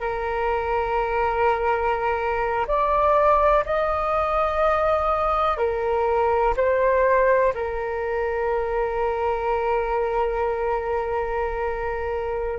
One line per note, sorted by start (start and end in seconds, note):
0.00 2.66 A#4
2.67 3.64 D5
3.65 5.57 D#5
5.57 6.54 A#4
6.56 7.53 C5
7.54 12.59 A#4